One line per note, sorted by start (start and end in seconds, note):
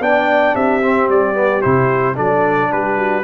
0.00 0.54 B3
0.00 0.81 D4
0.00 0.55 D5
0.00 0.55 G5
0.55 1.08 C4
0.55 2.15 G4
0.55 1.09 E5
0.82 1.34 C4
1.08 1.62 G3
1.08 1.61 D5
1.34 1.61 B3
1.61 2.19 C3
1.61 2.15 E4
1.61 2.15 C5
2.15 2.71 F#3
2.15 3.23 D4
2.15 2.69 A4
2.15 2.72 D5
2.71 3.24 G3
2.71 2.97 G4
2.71 3.24 B4
2.97 3.24 F#4